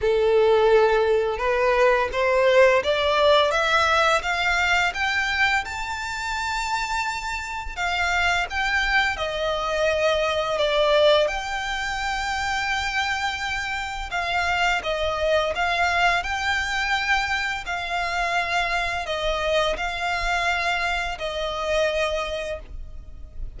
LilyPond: \new Staff \with { instrumentName = "violin" } { \time 4/4 \tempo 4 = 85 a'2 b'4 c''4 | d''4 e''4 f''4 g''4 | a''2. f''4 | g''4 dis''2 d''4 |
g''1 | f''4 dis''4 f''4 g''4~ | g''4 f''2 dis''4 | f''2 dis''2 | }